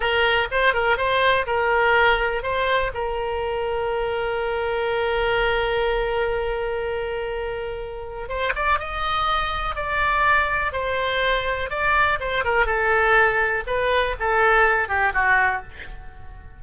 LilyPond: \new Staff \with { instrumentName = "oboe" } { \time 4/4 \tempo 4 = 123 ais'4 c''8 ais'8 c''4 ais'4~ | ais'4 c''4 ais'2~ | ais'1~ | ais'1~ |
ais'4 c''8 d''8 dis''2 | d''2 c''2 | d''4 c''8 ais'8 a'2 | b'4 a'4. g'8 fis'4 | }